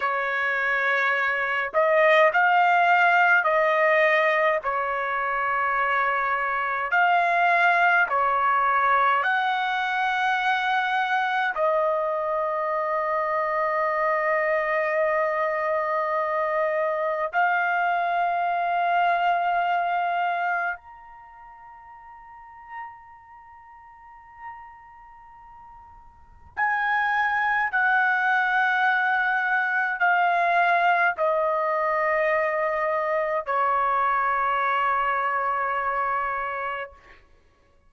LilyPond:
\new Staff \with { instrumentName = "trumpet" } { \time 4/4 \tempo 4 = 52 cis''4. dis''8 f''4 dis''4 | cis''2 f''4 cis''4 | fis''2 dis''2~ | dis''2. f''4~ |
f''2 ais''2~ | ais''2. gis''4 | fis''2 f''4 dis''4~ | dis''4 cis''2. | }